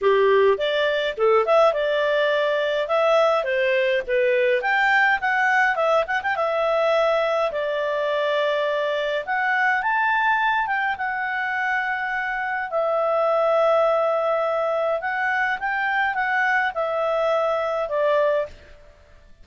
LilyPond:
\new Staff \with { instrumentName = "clarinet" } { \time 4/4 \tempo 4 = 104 g'4 d''4 a'8 e''8 d''4~ | d''4 e''4 c''4 b'4 | g''4 fis''4 e''8 fis''16 g''16 e''4~ | e''4 d''2. |
fis''4 a''4. g''8 fis''4~ | fis''2 e''2~ | e''2 fis''4 g''4 | fis''4 e''2 d''4 | }